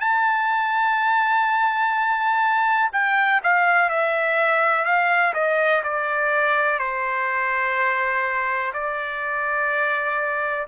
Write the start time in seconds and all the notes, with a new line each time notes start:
0.00 A5
2.93 G5
3.44 F5
3.89 E5
4.85 F5
5.34 D#5
5.83 D5
6.79 C5
8.73 D5